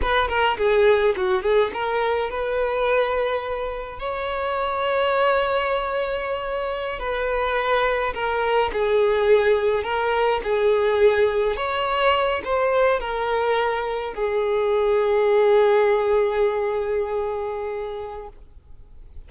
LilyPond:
\new Staff \with { instrumentName = "violin" } { \time 4/4 \tempo 4 = 105 b'8 ais'8 gis'4 fis'8 gis'8 ais'4 | b'2. cis''4~ | cis''1~ | cis''16 b'2 ais'4 gis'8.~ |
gis'4~ gis'16 ais'4 gis'4.~ gis'16~ | gis'16 cis''4. c''4 ais'4~ ais'16~ | ais'8. gis'2.~ gis'16~ | gis'1 | }